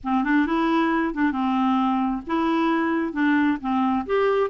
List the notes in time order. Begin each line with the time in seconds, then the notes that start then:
0.03 C4
0.24 D4
0.46 E4
1.14 D4
1.31 C4
2.26 E4
3.13 D4
3.60 C4
4.06 G4